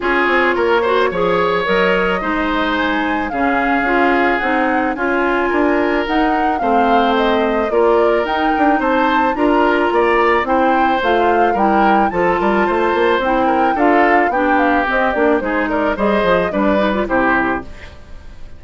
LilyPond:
<<
  \new Staff \with { instrumentName = "flute" } { \time 4/4 \tempo 4 = 109 cis''2. dis''4~ | dis''4 gis''4 f''2 | fis''4 gis''2 fis''4 | f''4 dis''4 d''4 g''4 |
a''4 ais''2 g''4 | f''4 g''4 a''2 | g''4 f''4 g''8 f''8 dis''8 d''8 | c''8 d''8 dis''4 d''4 c''4 | }
  \new Staff \with { instrumentName = "oboe" } { \time 4/4 gis'4 ais'8 c''8 cis''2 | c''2 gis'2~ | gis'4 f'4 ais'2 | c''2 ais'2 |
c''4 ais'4 d''4 c''4~ | c''4 ais'4 a'8 ais'8 c''4~ | c''8 ais'8 a'4 g'2 | gis'8 ais'8 c''4 b'4 g'4 | }
  \new Staff \with { instrumentName = "clarinet" } { \time 4/4 f'4. fis'8 gis'4 ais'4 | dis'2 cis'4 f'4 | dis'4 f'2 dis'4 | c'2 f'4 dis'4~ |
dis'4 f'2 e'4 | f'4 e'4 f'2 | e'4 f'4 d'4 c'8 d'8 | dis'4 gis'4 d'8 dis'16 f'16 e'4 | }
  \new Staff \with { instrumentName = "bassoon" } { \time 4/4 cis'8 c'8 ais4 f4 fis4 | gis2 cis4 cis'4 | c'4 cis'4 d'4 dis'4 | a2 ais4 dis'8 d'8 |
c'4 d'4 ais4 c'4 | a4 g4 f8 g8 a8 ais8 | c'4 d'4 b4 c'8 ais8 | gis4 g8 f8 g4 c4 | }
>>